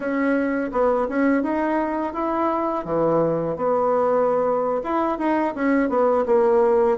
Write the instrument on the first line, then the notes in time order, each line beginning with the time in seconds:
bassoon
0.00 C#4
0.71 B3
1.08 C#4
1.43 D#4
2.13 E4
2.84 E3
3.56 B3
4.83 E4
5.18 D#4
5.54 C#4
5.89 B3
6.26 A#3